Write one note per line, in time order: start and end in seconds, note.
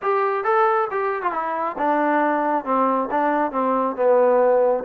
0.02 0.44 G4
0.44 0.88 A4
0.90 1.22 G4
1.22 1.32 F4
1.32 1.76 E4
1.77 2.65 D4
2.65 3.09 C4
3.10 3.51 D4
3.51 3.95 C4
3.95 4.84 B3